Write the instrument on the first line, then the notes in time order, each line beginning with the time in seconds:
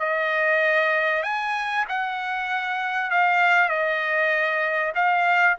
trumpet
0.00 D#5
1.23 G#5
1.89 F#5
3.11 F5
3.69 D#5
4.95 F5